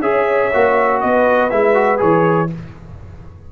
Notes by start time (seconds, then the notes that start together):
0.00 C#4 G#4 C#5 E5
0.53 A#3 F#4
1.00 B3 B4 D#5
1.50 G#3 E4 E5
1.74 F#4
1.97 E3 G#4 C#5